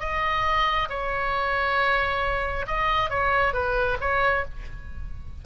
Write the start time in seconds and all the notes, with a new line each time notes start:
0.00 D#5
0.90 C#5
2.68 D#5
3.10 C#5
3.54 B4
4.01 C#5